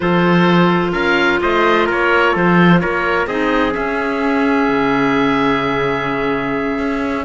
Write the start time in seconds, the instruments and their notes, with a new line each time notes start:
0.00 cello F3, clarinet F4, trumpet A4, oboe C5
0.92 cello C#4, trumpet A#4, oboe F5
1.41 cello A3, trumpet C5, oboe D#5
1.86 cello A#3, trumpet A#4, oboe C#5
2.32 cello F3, trumpet A4, oboe C5
2.80 cello A#3, trumpet A#4, oboe C#5
3.26 cello C4, clarinet D#4, trumpet G#4, oboe D#5
3.71 clarinet C#4, cello C#4, oboe E5
4.69 cello C#3
6.78 cello C#4